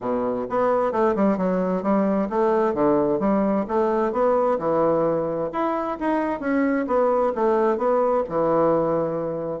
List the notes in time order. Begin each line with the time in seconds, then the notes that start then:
0.00 B2
0.49 B3
0.91 A3
1.15 G3
1.37 F#3
1.82 G3
2.29 A3
2.74 D3
3.19 G3
3.68 A3
4.12 B3
4.58 E3
5.52 E4
6.00 D#4
6.40 C#4
6.87 B3
7.35 A3
7.77 B3
8.29 E3